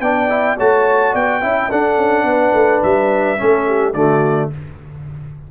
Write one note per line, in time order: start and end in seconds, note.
0.00 0.56 B3
0.00 0.29 D4
0.00 0.57 D5
0.00 0.57 G5
0.29 0.57 E4
0.57 1.14 A3
0.57 1.42 F#4
0.57 1.12 C#5
0.57 1.15 A5
1.12 1.42 B3
1.12 1.40 D5
1.12 1.71 G5
1.41 1.70 C#4
1.41 1.70 E4
1.41 1.69 E5
1.69 3.37 D4
1.69 1.97 D4
1.69 2.25 A4
1.69 2.83 F#5
1.97 2.24 C#4
2.24 2.52 B3
2.24 3.40 B4
2.53 2.81 A3
2.83 3.39 G3
2.83 3.93 E5
3.37 3.94 A3
3.37 3.94 C#4
3.37 3.67 A4
3.67 3.94 G4
3.93 4.50 D3
3.93 4.51 A3
3.93 4.50 F#4
3.93 4.49 D5